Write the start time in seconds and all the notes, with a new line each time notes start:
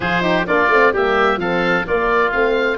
0.00 F3 F4 G#4 C5
0.21 D#4 G4
0.46 A#3 D4 F4 D5
0.68 A3 C4
0.92 G3 A#3 G4 E5
1.36 F3 C4 A4 F5
1.86 A#3 F4 D5
2.31 A3 C4 F5